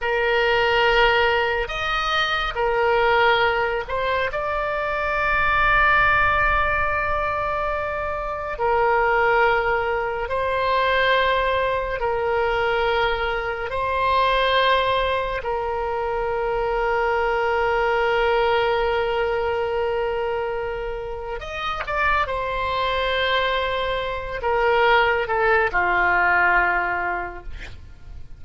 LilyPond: \new Staff \with { instrumentName = "oboe" } { \time 4/4 \tempo 4 = 70 ais'2 dis''4 ais'4~ | ais'8 c''8 d''2.~ | d''2 ais'2 | c''2 ais'2 |
c''2 ais'2~ | ais'1~ | ais'4 dis''8 d''8 c''2~ | c''8 ais'4 a'8 f'2 | }